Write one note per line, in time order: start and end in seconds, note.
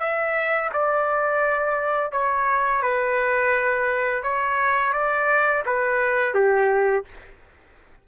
0.00 0.71 E5
0.73 2.12 D5
2.12 2.82 C#5
2.82 4.24 B4
4.24 4.93 C#5
4.93 5.64 D5
5.66 6.34 B4
6.34 7.05 G4